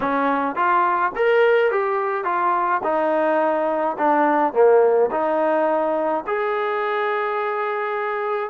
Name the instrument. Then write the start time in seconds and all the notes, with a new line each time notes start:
trombone
0.00 C#4
0.55 F4
1.15 A#4
1.71 G4
2.24 F4
2.83 D#4
3.98 D4
4.53 A#3
5.11 D#4
6.26 G#4